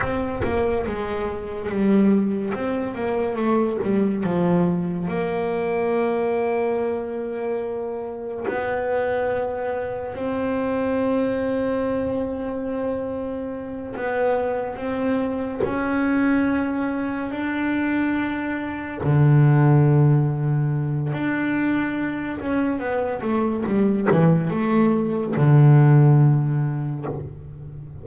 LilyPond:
\new Staff \with { instrumentName = "double bass" } { \time 4/4 \tempo 4 = 71 c'8 ais8 gis4 g4 c'8 ais8 | a8 g8 f4 ais2~ | ais2 b2 | c'1~ |
c'8 b4 c'4 cis'4.~ | cis'8 d'2 d4.~ | d4 d'4. cis'8 b8 a8 | g8 e8 a4 d2 | }